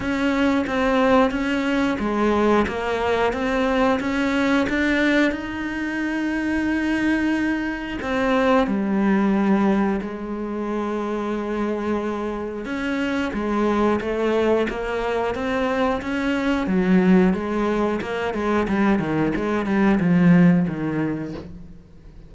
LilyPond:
\new Staff \with { instrumentName = "cello" } { \time 4/4 \tempo 4 = 90 cis'4 c'4 cis'4 gis4 | ais4 c'4 cis'4 d'4 | dis'1 | c'4 g2 gis4~ |
gis2. cis'4 | gis4 a4 ais4 c'4 | cis'4 fis4 gis4 ais8 gis8 | g8 dis8 gis8 g8 f4 dis4 | }